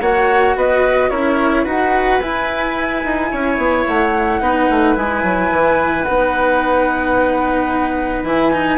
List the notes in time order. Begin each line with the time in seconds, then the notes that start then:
0.00 A#3 F#4 C#5 F#5
0.55 B3 B4 D#5
1.10 C#4 E4 A#4 C#5
1.63 D#4 F#4 B4 F#5
2.20 E4 G#5
3.04 D#4
3.31 C#4 C#5
3.57 B3
3.86 A3 F#5
4.40 B3 D#4 B4
4.69 A3
4.94 G#3 E4 G#5
5.23 F#3
5.51 E3
6.02 B3 D#4 F#5
8.23 E3 E4 G#5
8.52 D#4